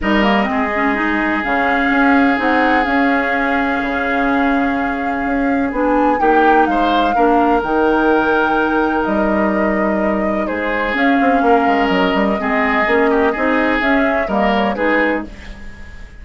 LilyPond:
<<
  \new Staff \with { instrumentName = "flute" } { \time 4/4 \tempo 4 = 126 dis''2. f''4~ | f''4 fis''4 f''2~ | f''1 | gis''4 g''4 f''2 |
g''2. dis''4~ | dis''2 c''4 f''4~ | f''4 dis''2.~ | dis''4 e''4 dis''8 cis''8 b'4 | }
  \new Staff \with { instrumentName = "oboe" } { \time 4/4 ais'4 gis'2.~ | gis'1~ | gis'1~ | gis'4 g'4 c''4 ais'4~ |
ais'1~ | ais'2 gis'2 | ais'2 gis'4. g'8 | gis'2 ais'4 gis'4 | }
  \new Staff \with { instrumentName = "clarinet" } { \time 4/4 dis'8 ais8 c'8 cis'8 dis'4 cis'4~ | cis'4 dis'4 cis'2~ | cis'1 | d'4 dis'2 d'4 |
dis'1~ | dis'2. cis'4~ | cis'2 c'4 cis'4 | dis'4 cis'4 ais4 dis'4 | }
  \new Staff \with { instrumentName = "bassoon" } { \time 4/4 g4 gis2 cis4 | cis'4 c'4 cis'2 | cis2. cis'4 | b4 ais4 gis4 ais4 |
dis2. g4~ | g2 gis4 cis'8 c'8 | ais8 gis8 fis8 g8 gis4 ais4 | c'4 cis'4 g4 gis4 | }
>>